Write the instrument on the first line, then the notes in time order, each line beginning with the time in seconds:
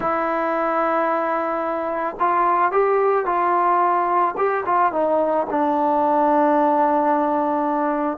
trombone
0.00 E4
2.19 F4
2.71 G4
3.25 F4
4.37 G4
4.65 F4
4.92 D#4
5.49 D4